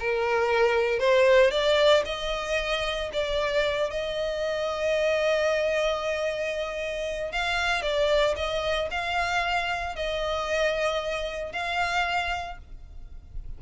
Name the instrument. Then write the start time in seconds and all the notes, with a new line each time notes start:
violin
0.00 A#4
0.99 C5
1.51 D5
2.06 D#5
3.13 D5
3.91 D#5
7.32 F5
7.83 D5
8.36 D#5
8.91 F5
9.96 D#5
11.53 F5